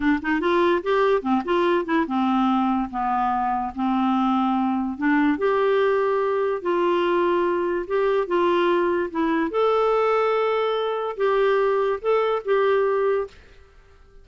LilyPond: \new Staff \with { instrumentName = "clarinet" } { \time 4/4 \tempo 4 = 145 d'8 dis'8 f'4 g'4 c'8 f'8~ | f'8 e'8 c'2 b4~ | b4 c'2. | d'4 g'2. |
f'2. g'4 | f'2 e'4 a'4~ | a'2. g'4~ | g'4 a'4 g'2 | }